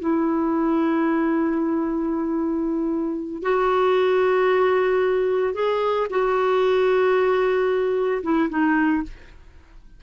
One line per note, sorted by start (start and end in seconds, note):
0.00 3.42 E4
3.42 5.54 F#4
5.54 6.07 G#4
6.09 8.22 F#4
8.23 8.49 E4
8.49 9.02 D#4